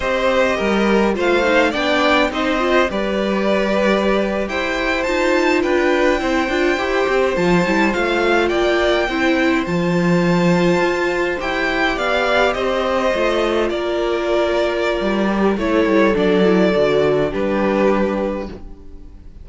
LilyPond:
<<
  \new Staff \with { instrumentName = "violin" } { \time 4/4 \tempo 4 = 104 dis''2 f''4 g''4 | dis''4 d''2~ d''8. g''16~ | g''8. a''4 g''2~ g''16~ | g''8. a''4 f''4 g''4~ g''16~ |
g''8. a''2. g''16~ | g''8. f''4 dis''2 d''16~ | d''2. cis''4 | d''2 b'2 | }
  \new Staff \with { instrumentName = "violin" } { \time 4/4 c''4 ais'4 c''4 d''4 | c''4 b'2~ b'8. c''16~ | c''4.~ c''16 b'4 c''4~ c''16~ | c''2~ c''8. d''4 c''16~ |
c''1~ | c''8. d''4 c''2 ais'16~ | ais'2. a'4~ | a'2 g'2 | }
  \new Staff \with { instrumentName = "viola" } { \time 4/4 g'2 f'8 dis'8 d'4 | dis'8 f'8 g'2.~ | g'8. f'2 e'8 f'8 g'16~ | g'8. f'8 e'8 f'2 e'16~ |
e'8. f'2. g'16~ | g'2~ g'8. f'4~ f'16~ | f'2~ f'8 g'8 e'4 | d'8 e'8 fis'4 d'2 | }
  \new Staff \with { instrumentName = "cello" } { \time 4/4 c'4 g4 a4 b4 | c'4 g2~ g8. e'16~ | e'8. dis'4 d'4 c'8 d'8 e'16~ | e'16 c'8 f8 g8 a4 ais4 c'16~ |
c'8. f2 f'4 e'16~ | e'8. b4 c'4 a4 ais16~ | ais2 g4 a8 g8 | fis4 d4 g2 | }
>>